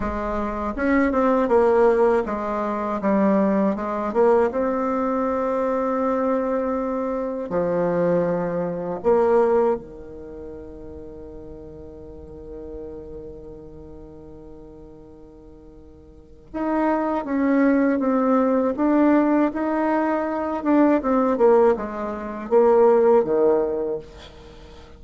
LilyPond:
\new Staff \with { instrumentName = "bassoon" } { \time 4/4 \tempo 4 = 80 gis4 cis'8 c'8 ais4 gis4 | g4 gis8 ais8 c'2~ | c'2 f2 | ais4 dis2.~ |
dis1~ | dis2 dis'4 cis'4 | c'4 d'4 dis'4. d'8 | c'8 ais8 gis4 ais4 dis4 | }